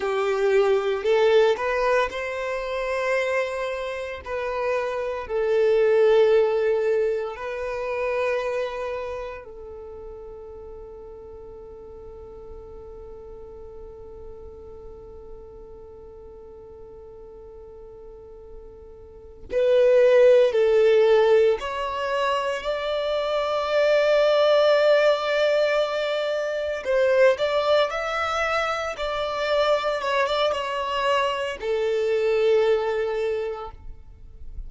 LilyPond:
\new Staff \with { instrumentName = "violin" } { \time 4/4 \tempo 4 = 57 g'4 a'8 b'8 c''2 | b'4 a'2 b'4~ | b'4 a'2.~ | a'1~ |
a'2~ a'8 b'4 a'8~ | a'8 cis''4 d''2~ d''8~ | d''4. c''8 d''8 e''4 d''8~ | d''8 cis''16 d''16 cis''4 a'2 | }